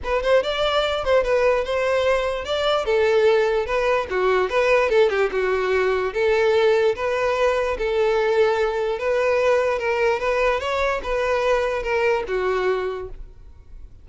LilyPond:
\new Staff \with { instrumentName = "violin" } { \time 4/4 \tempo 4 = 147 b'8 c''8 d''4. c''8 b'4 | c''2 d''4 a'4~ | a'4 b'4 fis'4 b'4 | a'8 g'8 fis'2 a'4~ |
a'4 b'2 a'4~ | a'2 b'2 | ais'4 b'4 cis''4 b'4~ | b'4 ais'4 fis'2 | }